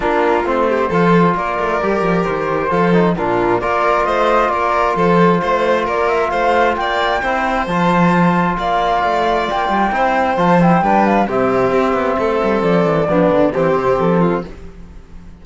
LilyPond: <<
  \new Staff \with { instrumentName = "flute" } { \time 4/4 \tempo 4 = 133 ais'4 c''2 d''4~ | d''4 c''2 ais'4 | d''4 dis''4 d''4 c''4~ | c''4 d''8 e''8 f''4 g''4~ |
g''4 a''2 f''4~ | f''4 g''2 a''8 g''8~ | g''8 f''8 e''2. | d''2 c''4 a'4 | }
  \new Staff \with { instrumentName = "violin" } { \time 4/4 f'4. g'8 a'4 ais'4~ | ais'2 a'4 f'4 | ais'4 c''4 ais'4 a'4 | c''4 ais'4 c''4 d''4 |
c''2. d''4~ | d''2 c''2 | b'4 g'2 a'4~ | a'4 d'4 g'4. f'8 | }
  \new Staff \with { instrumentName = "trombone" } { \time 4/4 d'4 c'4 f'2 | g'2 f'8 dis'8 d'4 | f'1~ | f'1 |
e'4 f'2.~ | f'2 e'4 f'8 e'8 | d'4 c'2.~ | c'4 b4 c'2 | }
  \new Staff \with { instrumentName = "cello" } { \time 4/4 ais4 a4 f4 ais8 a8 | g8 f8 dis4 f4 ais,4 | ais4 a4 ais4 f4 | a4 ais4 a4 ais4 |
c'4 f2 ais4 | a4 ais8 g8 c'4 f4 | g4 c4 c'8 b8 a8 g8 | f8 e8 f8 d8 e8 c8 f4 | }
>>